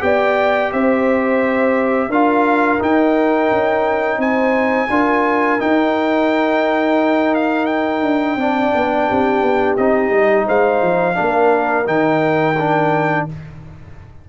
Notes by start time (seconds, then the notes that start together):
0.00 B3 G4 D5 G5
0.73 C4 C5 E5
2.09 D4 F4 A#4 F5
2.80 D#4 G5
3.52 C#4
4.18 C4 C5 G#5
4.90 D4 F4 A#4
5.60 D#4 G5
7.35 F5
7.66 G5
8.03 D4
8.36 C4 D4 D5
8.75 B3
9.08 C4 G4
9.42 B3
9.77 C4 D#4 D#5
10.10 G3
10.47 G#3 C5 F5
10.82 F3
11.15 A#3 D4 A#4
11.85 D#3 D#4 G5
12.59 D4